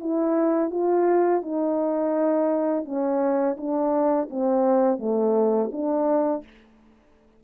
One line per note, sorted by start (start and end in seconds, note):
0.00 0.70 E4
0.70 1.42 F4
1.42 2.85 D#4
2.85 3.56 C#4
3.57 4.29 D4
4.30 4.99 C4
4.99 5.70 A3
5.72 6.44 D4